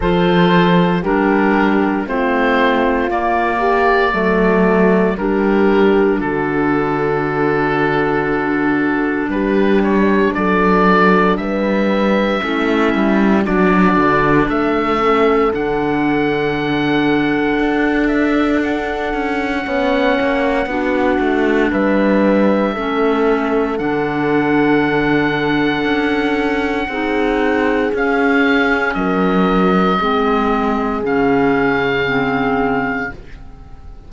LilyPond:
<<
  \new Staff \with { instrumentName = "oboe" } { \time 4/4 \tempo 4 = 58 c''4 ais'4 c''4 d''4~ | d''4 ais'4 a'2~ | a'4 b'8 cis''8 d''4 e''4~ | e''4 d''4 e''4 fis''4~ |
fis''4. e''8 fis''2~ | fis''4 e''2 fis''4~ | fis''2. f''4 | dis''2 f''2 | }
  \new Staff \with { instrumentName = "horn" } { \time 4/4 a'4 g'4 f'4. g'8 | a'4 g'4 fis'2~ | fis'4 g'4 a'4 b'4 | e'4 fis'4 a'2~ |
a'2. cis''4 | fis'4 b'4 a'2~ | a'2 gis'2 | ais'4 gis'2. | }
  \new Staff \with { instrumentName = "clarinet" } { \time 4/4 f'4 d'4 c'4 ais4 | a4 d'2.~ | d'1 | cis'4 d'4. cis'8 d'4~ |
d'2. cis'4 | d'2 cis'4 d'4~ | d'2 dis'4 cis'4~ | cis'4 c'4 cis'4 c'4 | }
  \new Staff \with { instrumentName = "cello" } { \time 4/4 f4 g4 a4 ais4 | fis4 g4 d2~ | d4 g4 fis4 g4 | a8 g8 fis8 d8 a4 d4~ |
d4 d'4. cis'8 b8 ais8 | b8 a8 g4 a4 d4~ | d4 cis'4 c'4 cis'4 | fis4 gis4 cis2 | }
>>